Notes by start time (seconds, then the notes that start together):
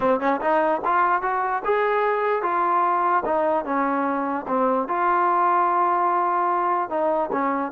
0.00 C4
0.20 C#4
0.40 D#4
0.84 F4
1.22 F#4
1.64 G#4
2.42 F4
3.25 D#4
3.64 C#4
4.47 C4
4.88 F4
6.89 D#4
7.32 C#4